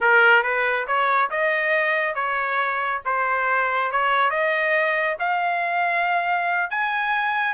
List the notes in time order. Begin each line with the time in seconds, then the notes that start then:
0.00 A#4
0.43 B4
0.87 C#5
1.30 D#5
2.14 C#5
3.05 C5
3.91 C#5
4.30 D#5
5.19 F5
6.70 G#5